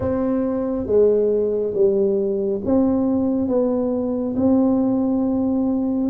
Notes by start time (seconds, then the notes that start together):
0.00 C4
0.86 G#3
1.74 G3
2.65 C4
3.47 B3
4.36 C4